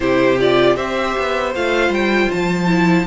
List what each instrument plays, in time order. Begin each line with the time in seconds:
0.00 cello C3, viola E4, violin G4 C5
0.39 viola F4, violin D5
0.75 cello C4, viola G4, violin C5 E5
1.18 cello B3
1.55 cello A3, viola F4, violin F5
1.89 cello G3, violin G5
2.30 cello F3, violin A5
2.67 viola E4